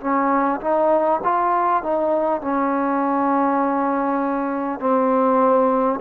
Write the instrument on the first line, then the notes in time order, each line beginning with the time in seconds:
trombone
0.00 C#4
0.61 D#4
1.24 F4
1.83 D#4
2.41 C#4
4.79 C4